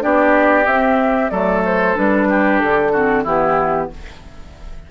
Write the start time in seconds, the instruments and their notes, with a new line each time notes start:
0.00 bassoon B3, clarinet D4, oboe G4, flute D5
0.66 bassoon C4, clarinet C4, flute E5
1.30 bassoon F#3, clarinet A3, oboe A4, flute D5
1.65 flute C5
1.95 bassoon G3, clarinet D4, flute B4
2.30 oboe G4
2.59 bassoon D3, flute A4
2.92 clarinet C4, oboe F#4
3.23 bassoon E3, clarinet B3, oboe E4, flute G4